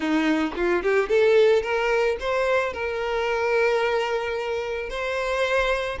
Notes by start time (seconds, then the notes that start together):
0.00 D#4
0.56 F4
0.83 G4
1.08 A4
1.62 A#4
2.20 C5
2.73 A#4
4.89 C5